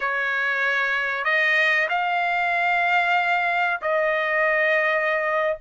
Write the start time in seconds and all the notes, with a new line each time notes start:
0.00 C#5
1.24 D#5
1.89 F5
3.82 D#5